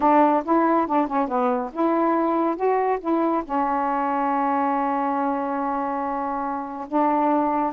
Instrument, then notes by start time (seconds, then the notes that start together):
saxophone
0.00 D4
0.44 E4
0.86 D4
1.07 C#4
1.28 B3
1.72 E4
2.56 F#4
3.00 E4
3.44 C#4
6.88 D4